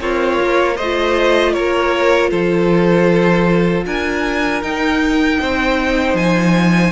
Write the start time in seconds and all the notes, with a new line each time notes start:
0.00 C4 F4 A#4 C#5
0.41 A#3
0.75 A3 C5 D#5
0.82 F4
1.53 A#3 A#4 C#5
2.30 F3 A4 C5
3.85 D4 A#4 G#5
4.62 D#4 G5
5.40 C4 C5
6.14 F3 G#5